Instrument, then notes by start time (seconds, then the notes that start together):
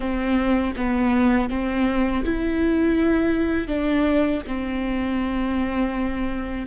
viola
0.00 C4
0.76 B3
1.49 C4
2.24 E4
3.67 D4
4.46 C4